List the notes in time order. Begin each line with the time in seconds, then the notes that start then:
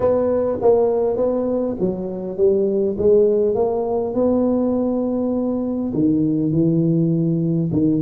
0.00 B3
0.61 A#3
1.16 B3
1.80 F#3
2.37 G3
2.98 G#3
3.55 A#3
4.14 B3
5.93 D#3
6.52 E3
7.71 D#3